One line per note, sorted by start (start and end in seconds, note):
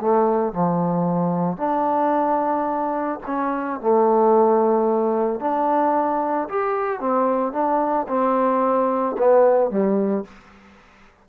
0.00 0.53 A3
0.53 1.57 F3
1.57 3.19 D4
3.26 3.80 C#4
3.80 5.40 A3
5.40 6.48 D4
6.49 7.00 G4
7.00 7.52 C4
7.52 8.06 D4
8.08 9.16 C4
9.18 9.70 B3
9.70 10.24 G3